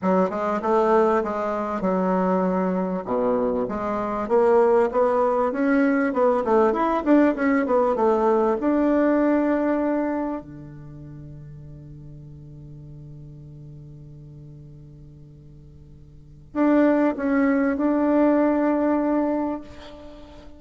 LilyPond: \new Staff \with { instrumentName = "bassoon" } { \time 4/4 \tempo 4 = 98 fis8 gis8 a4 gis4 fis4~ | fis4 b,4 gis4 ais4 | b4 cis'4 b8 a8 e'8 d'8 | cis'8 b8 a4 d'2~ |
d'4 d2.~ | d1~ | d2. d'4 | cis'4 d'2. | }